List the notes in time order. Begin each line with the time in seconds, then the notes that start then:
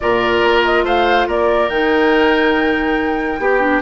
0.00 A#2 F4 A#4 D5
0.43 A#3
0.64 D#5
0.83 A3 C5 F5
1.27 A#3 A#4 D5
1.69 D#3 D#4 G5
3.38 B3 G4
3.60 D4